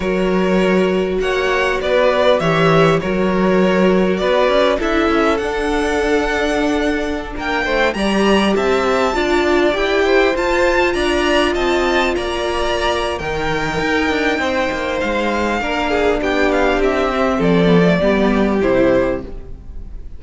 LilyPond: <<
  \new Staff \with { instrumentName = "violin" } { \time 4/4 \tempo 4 = 100 cis''2 fis''4 d''4 | e''4 cis''2 d''4 | e''4 fis''2.~ | fis''16 g''4 ais''4 a''4.~ a''16~ |
a''16 g''4 a''4 ais''4 a''8.~ | a''16 ais''4.~ ais''16 g''2~ | g''4 f''2 g''8 f''8 | e''4 d''2 c''4 | }
  \new Staff \with { instrumentName = "violin" } { \time 4/4 ais'2 cis''4 b'4 | cis''4 ais'2 b'4 | a'1~ | a'16 ais'8 c''8 d''4 e''4 d''8.~ |
d''8. c''4. d''4 dis''8.~ | dis''16 d''4.~ d''16 ais'2 | c''2 ais'8 gis'8 g'4~ | g'4 a'4 g'2 | }
  \new Staff \with { instrumentName = "viola" } { \time 4/4 fis'1 | g'4 fis'2. | e'4 d'2.~ | d'4~ d'16 g'2 f'8.~ |
f'16 g'4 f'2~ f'8.~ | f'2 dis'2~ | dis'2 d'2~ | d'8 c'4 b16 a16 b4 e'4 | }
  \new Staff \with { instrumentName = "cello" } { \time 4/4 fis2 ais4 b4 | e4 fis2 b8 cis'8 | d'8 cis'8 d'2.~ | d'16 ais8 a8 g4 c'4 d'8.~ |
d'16 e'4 f'4 d'4 c'8.~ | c'16 ais4.~ ais16 dis4 dis'8 d'8 | c'8 ais8 gis4 ais4 b4 | c'4 f4 g4 c4 | }
>>